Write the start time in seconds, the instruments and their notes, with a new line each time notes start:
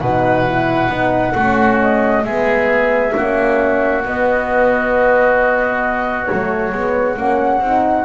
0.00 double bass B2, horn D#4, oboe B4, flute F#5
0.46 horn E4
0.88 double bass B3, horn D#4
1.33 double bass A3, horn C#4, oboe F#4
1.81 flute D#5
2.24 double bass G#3, horn B3, oboe G#4, flute E5
3.15 double bass A#3, horn C#4, oboe F#4
4.03 horn B3, double bass B3, flute D#5
6.25 horn A3, flute C#5
6.32 double bass F#3
6.72 double bass G#3, horn B3
7.16 double bass A#3, horn C#4, flute F#5
7.60 double bass C4, horn D#4